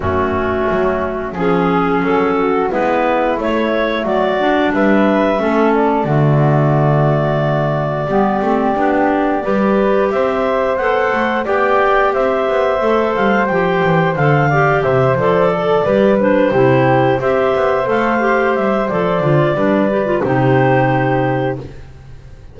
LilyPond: <<
  \new Staff \with { instrumentName = "clarinet" } { \time 4/4 \tempo 4 = 89 fis'2 gis'4 a'4 | b'4 cis''4 d''4 e''4~ | e''8 d''2.~ d''8~ | d''2. e''4 |
fis''4 g''4 e''4. f''8 | g''4 f''4 e''8 d''4. | c''4. e''4 f''4 e''8 | d''2 c''2 | }
  \new Staff \with { instrumentName = "flute" } { \time 4/4 cis'2 gis'4. fis'8 | e'2 fis'4 b'4 | a'4 fis'2. | g'2 b'4 c''4~ |
c''4 d''4 c''2~ | c''4. d''8 c''4 a'8 b'8~ | b'8 g'4 c''2~ c''8~ | c''4 b'4 g'2 | }
  \new Staff \with { instrumentName = "clarinet" } { \time 4/4 a2 cis'2 | b4 a4. d'4. | cis'4 a2. | b8 c'8 d'4 g'2 |
a'4 g'2 a'4 | g'4 a'8 g'4 a'4 g'8 | d'8 e'4 g'4 a'8 g'4 | a'8 f'8 d'8 g'16 f'16 dis'2 | }
  \new Staff \with { instrumentName = "double bass" } { \time 4/4 fis,4 fis4 f4 fis4 | gis4 a4 fis4 g4 | a4 d2. | g8 a8 b4 g4 c'4 |
b8 a8 b4 c'8 b8 a8 g8 | f8 e8 d4 c8 f4 g8~ | g8 c4 c'8 b8 a4 g8 | f8 d8 g4 c2 | }
>>